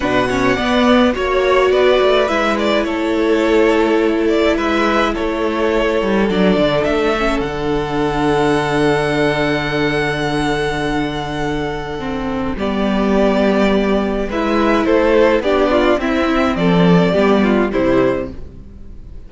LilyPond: <<
  \new Staff \with { instrumentName = "violin" } { \time 4/4 \tempo 4 = 105 fis''2 cis''4 d''4 | e''8 d''8 cis''2~ cis''8 d''8 | e''4 cis''2 d''4 | e''4 fis''2.~ |
fis''1~ | fis''2 d''2~ | d''4 e''4 c''4 d''4 | e''4 d''2 c''4 | }
  \new Staff \with { instrumentName = "violin" } { \time 4/4 b'8 cis''8 d''4 cis''4 b'4~ | b'4 a'2. | b'4 a'2.~ | a'1~ |
a'1~ | a'2 g'2~ | g'4 b'4 a'4 g'8 f'8 | e'4 a'4 g'8 f'8 e'4 | }
  \new Staff \with { instrumentName = "viola" } { \time 4/4 d'8 cis'8 b4 fis'2 | e'1~ | e'2. d'4~ | d'8 cis'8 d'2.~ |
d'1~ | d'4 c'4 b2~ | b4 e'2 d'4 | c'2 b4 g4 | }
  \new Staff \with { instrumentName = "cello" } { \time 4/4 b,4 b4 ais4 b8 a8 | gis4 a2. | gis4 a4. g8 fis8 d8 | a4 d2.~ |
d1~ | d2 g2~ | g4 gis4 a4 b4 | c'4 f4 g4 c4 | }
>>